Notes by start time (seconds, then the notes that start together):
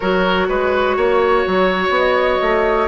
0.00 F#3 F#4 A#4 C#5
0.48 G#3 B4
0.97 A#3 C#5
1.46 F#3
1.89 B3
1.97 D#5
2.41 A3